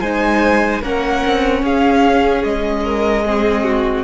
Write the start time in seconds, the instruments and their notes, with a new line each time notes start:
0.00 cello G#3, viola D#4, violin C5 G#5
0.81 cello A#3, viola C#4, violin A#4 F#5
1.26 cello C4
1.62 cello C#4, violin G#4 F5
2.44 cello G#3, violin D#5
2.84 violin A#4
3.25 viola C4, violin G#4
3.64 violin F#4